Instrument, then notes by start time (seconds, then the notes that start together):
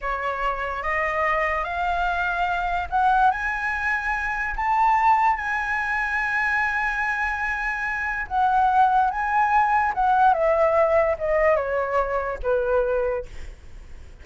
flute
0.01 C#5
0.82 D#5
1.63 F5
2.90 F#5
3.30 G#5
4.56 A5
5.36 G#5
8.27 F#5
9.10 G#5
9.94 F#5
10.33 E5
11.18 D#5
11.56 C#5
12.43 B4